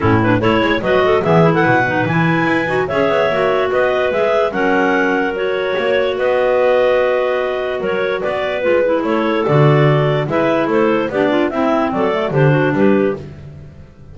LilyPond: <<
  \new Staff \with { instrumentName = "clarinet" } { \time 4/4 \tempo 4 = 146 a'8 b'8 cis''4 dis''4 e''8. fis''16~ | fis''4 gis''2 e''4~ | e''4 dis''4 e''4 fis''4~ | fis''4 cis''2 dis''4~ |
dis''2. cis''4 | d''4 b'4 cis''4 d''4~ | d''4 e''4 c''4 d''4 | e''4 d''4 c''4 b'4 | }
  \new Staff \with { instrumentName = "clarinet" } { \time 4/4 e'4 a'8 cis''8 b'8 a'8 gis'8. a'16 | b'2. cis''4~ | cis''4 b'2 ais'4~ | ais'2 cis''4 b'4~ |
b'2. ais'4 | b'2 a'2~ | a'4 b'4 a'4 g'8 f'8 | e'4 a'4 g'8 fis'8 g'4 | }
  \new Staff \with { instrumentName = "clarinet" } { \time 4/4 cis'8 d'8 e'4 fis'4 b8 e'8~ | e'8 dis'8 e'4. fis'8 gis'4 | fis'2 gis'4 cis'4~ | cis'4 fis'2.~ |
fis'1~ | fis'4 f'8 e'4. fis'4~ | fis'4 e'2 d'4 | c'4. a8 d'2 | }
  \new Staff \with { instrumentName = "double bass" } { \time 4/4 a,4 a8 gis8 fis4 e4 | b,4 e4 e'8 dis'8 cis'8 b8 | ais4 b4 gis4 fis4~ | fis2 ais4 b4~ |
b2. fis4 | b4 gis4 a4 d4~ | d4 gis4 a4 b4 | c'4 fis4 d4 g4 | }
>>